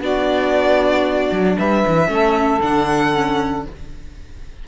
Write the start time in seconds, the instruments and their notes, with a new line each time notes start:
0.00 cello B3, viola D4, saxophone F#4, violin D5
1.32 cello F#3
1.58 cello G3, saxophone B4, violin E5
1.87 cello E3
2.08 cello A3, viola C#4, saxophone A4
2.62 cello D3, viola D4, violin F#5
3.14 viola C#4